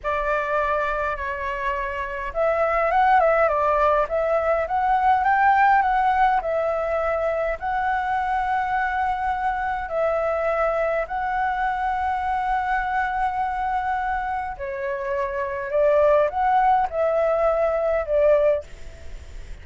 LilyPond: \new Staff \with { instrumentName = "flute" } { \time 4/4 \tempo 4 = 103 d''2 cis''2 | e''4 fis''8 e''8 d''4 e''4 | fis''4 g''4 fis''4 e''4~ | e''4 fis''2.~ |
fis''4 e''2 fis''4~ | fis''1~ | fis''4 cis''2 d''4 | fis''4 e''2 d''4 | }